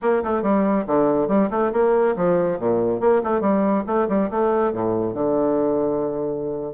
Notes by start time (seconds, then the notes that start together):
0.01 A#3
0.23 A3
0.42 G3
0.86 D3
1.28 G3
1.50 A3
1.72 A#3
2.16 F3
2.59 A#2
3.00 A#3
3.23 A3
3.41 G3
3.86 A3
4.08 G3
4.30 A3
4.72 A2
5.14 D3